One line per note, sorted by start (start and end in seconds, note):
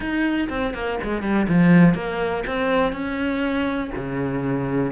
0.00 0.48 D#4
0.49 0.74 C4
0.74 0.98 A#3
1.03 1.22 G#3
1.22 1.46 G3
1.48 1.94 F3
1.94 2.43 A#3
2.46 2.92 C4
2.92 3.91 C#4
3.96 4.92 C#3